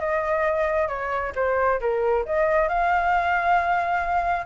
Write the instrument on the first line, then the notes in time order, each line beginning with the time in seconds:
flute
0.00 D#5
0.89 C#5
1.36 C5
1.81 A#4
2.26 D#5
2.69 F5